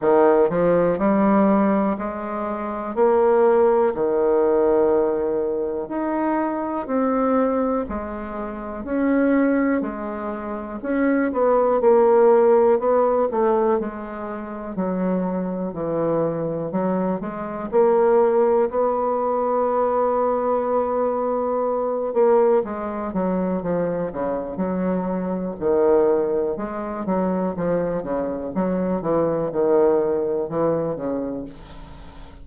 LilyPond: \new Staff \with { instrumentName = "bassoon" } { \time 4/4 \tempo 4 = 61 dis8 f8 g4 gis4 ais4 | dis2 dis'4 c'4 | gis4 cis'4 gis4 cis'8 b8 | ais4 b8 a8 gis4 fis4 |
e4 fis8 gis8 ais4 b4~ | b2~ b8 ais8 gis8 fis8 | f8 cis8 fis4 dis4 gis8 fis8 | f8 cis8 fis8 e8 dis4 e8 cis8 | }